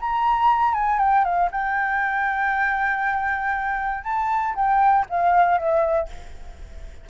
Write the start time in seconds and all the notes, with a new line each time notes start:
0.00 A#5
0.74 G#5
0.99 G5
1.25 F5
1.51 G5
4.04 A5
4.55 G5
5.10 F5
5.58 E5